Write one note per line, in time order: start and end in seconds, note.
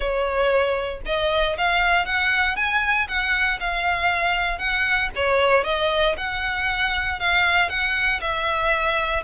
0.00 1.01 C#5
1.05 1.56 D#5
1.57 2.05 F5
2.05 2.56 F#5
2.56 3.07 G#5
3.08 3.59 F#5
3.60 4.58 F5
4.58 5.09 F#5
5.15 5.64 C#5
5.64 6.15 D#5
6.17 7.19 F#5
7.19 7.69 F5
7.69 8.20 F#5
8.21 9.23 E5